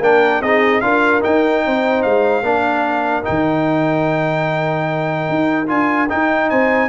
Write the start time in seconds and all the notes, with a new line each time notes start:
0.00 A#3 D4 A#4 G5
0.41 C4 D#4 G#4 D#5
0.81 D4 F4 A#4 F5
1.22 D#4 G5
1.66 C4 C5
2.03 G#3 F5
2.42 A#3 D4 A#4
3.23 D#3 D#4 G5
5.29 D#4
5.67 D4 F4 G#5
6.09 D#4 G5
6.50 C4 C5 G#5